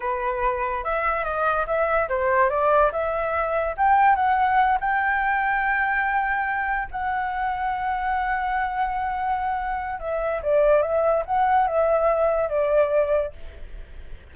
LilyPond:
\new Staff \with { instrumentName = "flute" } { \time 4/4 \tempo 4 = 144 b'2 e''4 dis''4 | e''4 c''4 d''4 e''4~ | e''4 g''4 fis''4. g''8~ | g''1~ |
g''8 fis''2.~ fis''8~ | fis''1 | e''4 d''4 e''4 fis''4 | e''2 d''2 | }